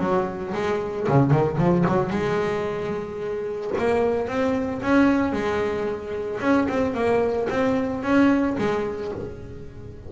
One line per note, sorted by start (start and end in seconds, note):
0.00 0.54 F#3
0.54 1.08 G#3
1.09 1.31 C#3
1.31 1.58 D#3
1.59 1.86 F3
1.88 2.11 F#3
2.11 3.72 G#3
3.79 4.28 A#3
4.28 4.82 C4
4.83 5.33 C#4
5.33 6.40 G#3
6.41 6.68 C#4
6.69 6.95 C4
6.95 7.48 A#3
7.50 8.04 C4
8.04 8.57 C#4
8.59 9.12 G#3